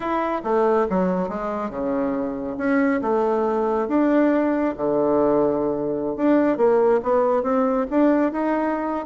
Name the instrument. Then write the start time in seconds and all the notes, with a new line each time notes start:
bassoon
0.00 E4
0.44 A3
0.89 F#3
1.29 G#3
1.70 C#3
2.57 C#4
3.01 A3
3.88 D4
4.76 D3
6.16 D4
6.57 A#3
7.02 B3
7.42 C4
7.90 D4
8.32 D#4